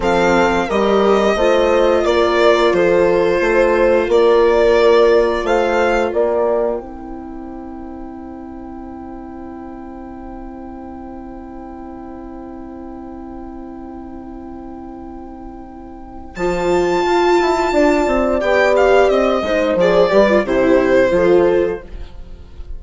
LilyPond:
<<
  \new Staff \with { instrumentName = "violin" } { \time 4/4 \tempo 4 = 88 f''4 dis''2 d''4 | c''2 d''2 | f''4 g''2.~ | g''1~ |
g''1~ | g''1 | a''2. g''8 f''8 | dis''4 d''4 c''2 | }
  \new Staff \with { instrumentName = "horn" } { \time 4/4 a'4 ais'4 c''4 ais'4 | a'4 c''4 ais'2 | c''4 d''4 c''2~ | c''1~ |
c''1~ | c''1~ | c''2 d''2~ | d''8 c''4 b'8 g'4 a'4 | }
  \new Staff \with { instrumentName = "viola" } { \time 4/4 c'4 g'4 f'2~ | f'1~ | f'2 e'2~ | e'1~ |
e'1~ | e'1 | f'2. g'4~ | g'8 dis'8 gis'8 g'16 f'16 e'4 f'4 | }
  \new Staff \with { instrumentName = "bassoon" } { \time 4/4 f4 g4 a4 ais4 | f4 a4 ais2 | a4 ais4 c'2~ | c'1~ |
c'1~ | c'1 | f4 f'8 e'8 d'8 c'8 b4 | c'8 gis8 f8 g8 c4 f4 | }
>>